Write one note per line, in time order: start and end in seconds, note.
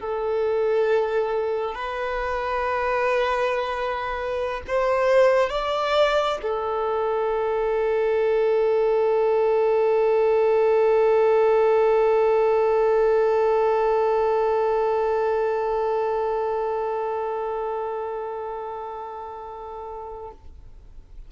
0.00 1.75 A4
1.75 4.62 B4
4.67 5.50 C5
5.50 6.38 D5
6.42 20.32 A4